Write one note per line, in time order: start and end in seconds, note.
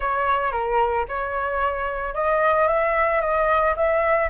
0.00 0.52 C#5
0.52 1.05 A#4
1.08 2.14 C#5
2.14 2.67 D#5
2.67 3.21 E5
3.21 3.75 D#5
3.76 4.29 E5